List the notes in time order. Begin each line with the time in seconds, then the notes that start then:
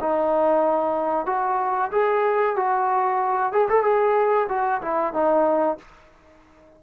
0.00 D#4
1.26 F#4
1.92 G#4
2.56 F#4
3.52 G#4
3.69 A4
3.83 G#4
4.49 F#4
4.82 E4
5.13 D#4